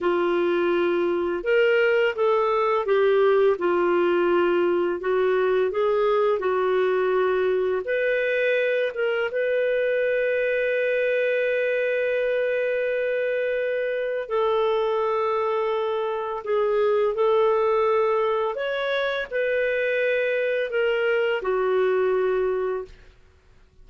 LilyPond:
\new Staff \with { instrumentName = "clarinet" } { \time 4/4 \tempo 4 = 84 f'2 ais'4 a'4 | g'4 f'2 fis'4 | gis'4 fis'2 b'4~ | b'8 ais'8 b'2.~ |
b'1 | a'2. gis'4 | a'2 cis''4 b'4~ | b'4 ais'4 fis'2 | }